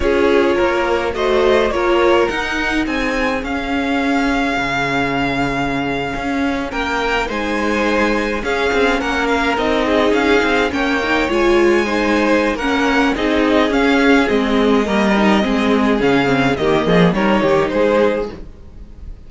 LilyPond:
<<
  \new Staff \with { instrumentName = "violin" } { \time 4/4 \tempo 4 = 105 cis''2 dis''4 cis''4 | fis''4 gis''4 f''2~ | f''2.~ f''8. g''16~ | g''8. gis''2 f''4 fis''16~ |
fis''16 f''8 dis''4 f''4 g''4 gis''16~ | gis''2 fis''4 dis''4 | f''4 dis''2. | f''4 dis''4 cis''4 c''4 | }
  \new Staff \with { instrumentName = "violin" } { \time 4/4 gis'4 ais'4 c''4 ais'4~ | ais'4 gis'2.~ | gis'2.~ gis'8. ais'16~ | ais'8. c''2 gis'4 ais'16~ |
ais'4~ ais'16 gis'4. cis''4~ cis''16~ | cis''8. c''4~ c''16 ais'4 gis'4~ | gis'2 ais'4 gis'4~ | gis'4 g'8 gis'8 ais'8 g'8 gis'4 | }
  \new Staff \with { instrumentName = "viola" } { \time 4/4 f'2 fis'4 f'4 | dis'2 cis'2~ | cis'1~ | cis'8. dis'2 cis'4~ cis'16~ |
cis'8. dis'2 cis'8 dis'8 f'16~ | f'8. dis'4~ dis'16 cis'4 dis'4 | cis'4 c'4 ais8 dis'8 c'4 | cis'8 c'8 ais4 dis'2 | }
  \new Staff \with { instrumentName = "cello" } { \time 4/4 cis'4 ais4 a4 ais4 | dis'4 c'4 cis'2 | cis2~ cis8. cis'4 ais16~ | ais8. gis2 cis'8 c'8 ais16~ |
ais8. c'4 cis'8 c'8 ais4 gis16~ | gis2 ais4 c'4 | cis'4 gis4 g4 gis4 | cis4 dis8 f8 g8 dis8 gis4 | }
>>